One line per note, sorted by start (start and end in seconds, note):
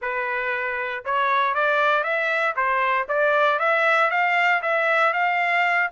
0.01 1.04 B4
1.04 1.54 C#5
1.54 2.03 D5
2.03 2.54 E5
2.55 3.07 C5
3.08 3.59 D5
3.59 4.10 E5
4.10 4.61 F5
4.62 5.13 E5
5.13 5.90 F5